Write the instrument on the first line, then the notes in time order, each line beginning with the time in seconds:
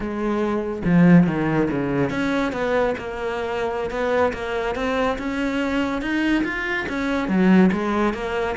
cello
0.00 G#3
0.85 F3
1.27 D#3
1.70 C#3
2.10 C#4
2.52 B3
2.98 A#3
3.90 B3
4.33 A#3
4.75 C4
5.18 C#4
6.01 D#4
6.44 F4
6.88 C#4
7.28 F#3
7.72 G#3
8.13 A#3